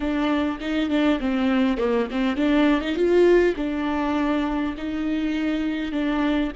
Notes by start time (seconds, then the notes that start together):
0.00 D4
0.60 D#4
0.89 D4
1.19 C4
1.77 A#3
2.10 C4
2.36 D4
2.81 D#4
2.95 F4
3.56 D4
4.77 D#4
5.92 D4